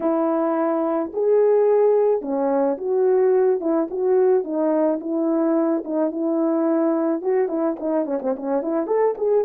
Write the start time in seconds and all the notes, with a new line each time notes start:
0.00 E4
1.13 G#4
2.21 C#4
2.77 F#4
3.60 E4
3.90 F#4
4.43 D#4
5.00 E4
5.84 D#4
6.11 E4
7.21 F#4
7.48 E4
7.79 D#4
8.05 C#4
8.21 C4
8.36 C#4
8.61 E4
8.86 A4
9.17 G#4